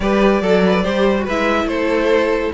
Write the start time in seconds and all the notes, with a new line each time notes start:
0.00 G3 G4 B4 D5
0.41 F#3 A4
0.66 B4
0.83 G3 G4 C5
1.18 F#4 B4
1.28 G#3 E4 E5
1.65 A3 A4 C5